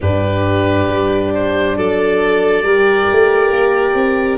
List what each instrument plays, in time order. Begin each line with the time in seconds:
0.01 tuba G2, horn D4, violin G4, oboe B4
0.88 tuba G3
1.34 oboe C5
1.76 tuba F#3, violin A4, oboe D5
2.62 tuba G3, horn G4, violin A#4
3.11 tuba A3
3.51 tuba A#3
3.94 tuba C4